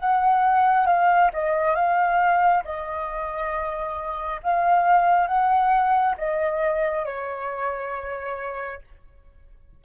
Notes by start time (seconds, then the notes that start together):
0.00 F#5
0.87 F5
1.34 D#5
1.76 F5
2.65 D#5
4.44 F5
5.28 F#5
6.18 D#5
7.05 C#5